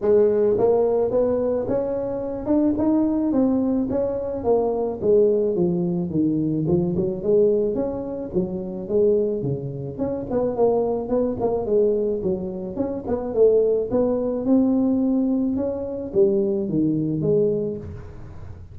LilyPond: \new Staff \with { instrumentName = "tuba" } { \time 4/4 \tempo 4 = 108 gis4 ais4 b4 cis'4~ | cis'8 d'8 dis'4 c'4 cis'4 | ais4 gis4 f4 dis4 | f8 fis8 gis4 cis'4 fis4 |
gis4 cis4 cis'8 b8 ais4 | b8 ais8 gis4 fis4 cis'8 b8 | a4 b4 c'2 | cis'4 g4 dis4 gis4 | }